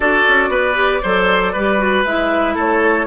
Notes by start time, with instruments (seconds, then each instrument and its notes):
0.00 bassoon D4, clarinet F#4, oboe A4, flute D5
0.28 bassoon C#4
0.49 bassoon B3, oboe B4
0.75 clarinet G4
1.02 bassoon F#3, clarinet A4, oboe C5
1.53 bassoon G3, clarinet G4, oboe B4
1.78 clarinet F#4
2.04 bassoon G#3, clarinet E4, flute E5
2.54 bassoon A3, oboe A4, flute C#5